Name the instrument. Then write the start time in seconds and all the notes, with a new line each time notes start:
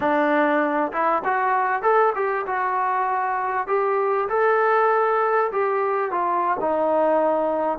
trombone
0.00 D4
0.92 E4
1.24 F#4
1.82 A4
2.15 G4
2.46 F#4
3.67 G4
4.29 A4
5.51 G4
6.11 F4
6.60 D#4